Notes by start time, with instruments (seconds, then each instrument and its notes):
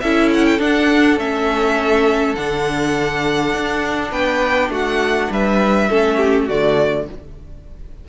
0.00 cello C#4, viola E4, violin A4 E5
0.33 violin F#5
0.45 violin G5
0.59 cello D4, viola D4, violin F#5
1.17 cello A3, viola C#4, violin E5
2.35 cello D3, viola D4, violin F#5
3.53 cello D4
4.11 cello B3, violin B4 G5
4.69 cello A3, violin F#4 F#5
5.30 cello G3, violin B4 E5
5.89 cello A3, viola C#4, violin A4
6.17 violin G4
6.46 cello D3, viola A3, violin F#4 D5